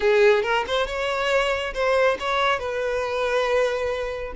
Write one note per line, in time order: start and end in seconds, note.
0.00 0.42 G#4
0.42 0.64 A#4
0.67 0.86 C5
0.86 1.73 C#5
1.74 2.17 C5
2.19 2.59 C#5
2.59 4.33 B4